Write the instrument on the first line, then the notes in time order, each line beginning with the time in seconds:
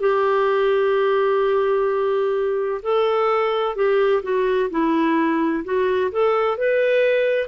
clarinet
0.00 G4
2.82 A4
3.76 G4
4.23 F#4
4.70 E4
5.64 F#4
6.12 A4
6.58 B4